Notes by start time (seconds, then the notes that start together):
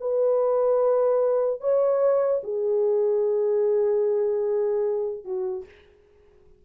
0.00 B4
1.60 C#5
2.43 G#4
5.24 F#4